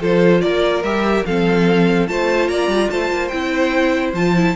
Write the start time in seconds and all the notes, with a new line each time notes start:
0.00 F3 F4 A4 C5
0.41 A#3 A#4 D5
0.83 G3 G4 E5
1.25 F3 C4 A4 F5
2.07 A3 F4 C5 A5
2.48 A#3 D5 A#5
2.67 G3
2.90 A3 C5 A5
3.11 A#3
3.28 C4 E4 G5
4.13 F3 F4 A5
4.36 E4